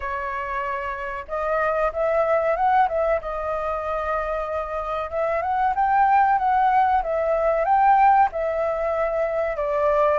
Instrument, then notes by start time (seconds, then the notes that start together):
flute
0.00 C#5
1.28 D#5
1.92 E5
2.56 F#5
2.88 E5
3.21 D#5
5.10 E5
5.41 F#5
5.75 G5
6.38 F#5
7.02 E5
7.65 G5
8.32 E5
9.56 D5